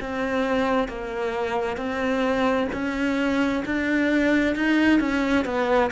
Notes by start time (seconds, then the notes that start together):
0.00 C4
0.88 A#3
1.77 C4
2.72 C#4
3.65 D4
4.55 D#4
5.00 C#4
5.45 B3